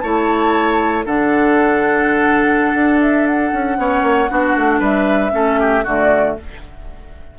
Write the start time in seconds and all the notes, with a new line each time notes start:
0.00 A3 E4 C#5 A5
1.06 D3 D4 A4 F#5
2.74 D4
3.01 E5
3.27 F#5
3.53 C#4
3.77 B3 C#4 C#5
4.02 A#3
4.29 B3 D4 F#4
4.56 A3
4.80 G3 B4 E5
5.32 A3 C#4 A4
5.60 G4
5.84 D3 A3 F#4 D5